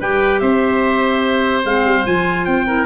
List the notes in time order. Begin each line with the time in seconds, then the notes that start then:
0.00 G3 G4 B4 G5
0.40 C4 C5 E5
1.65 G#3 C4 F5
1.85 G3
2.06 F3 F4 G#5
2.45 C4 G5
2.67 E4 A#4